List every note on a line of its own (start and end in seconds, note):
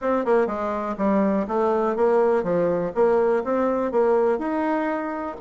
0.01 0.25 C4
0.25 0.46 A#3
0.46 0.95 G#3
0.97 1.46 G3
1.47 1.96 A3
1.96 2.43 A#3
2.43 2.92 F3
2.94 3.43 A#3
3.44 3.91 C4
3.91 4.38 A#3
4.38 5.35 D#4